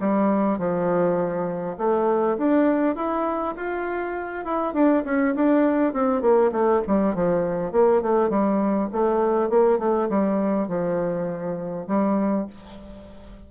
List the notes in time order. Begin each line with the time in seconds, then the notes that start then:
0.00 G3
0.58 F3
1.78 A3
2.38 D4
2.96 E4
3.56 F4
4.45 E4
4.74 D4
5.05 C#4
5.35 D4
5.93 C4
6.22 A#3
6.52 A3
6.87 G3
7.15 F3
7.72 A#3
8.02 A3
8.30 G3
8.92 A3
9.50 A#3
9.79 A3
10.09 G3
10.68 F3
11.87 G3